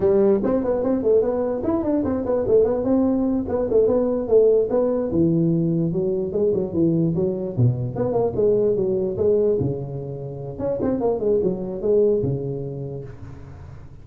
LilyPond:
\new Staff \with { instrumentName = "tuba" } { \time 4/4 \tempo 4 = 147 g4 c'8 b8 c'8 a8 b4 | e'8 d'8 c'8 b8 a8 b8 c'4~ | c'8 b8 a8 b4 a4 b8~ | b8 e2 fis4 gis8 |
fis8 e4 fis4 b,4 b8 | ais8 gis4 fis4 gis4 cis8~ | cis2 cis'8 c'8 ais8 gis8 | fis4 gis4 cis2 | }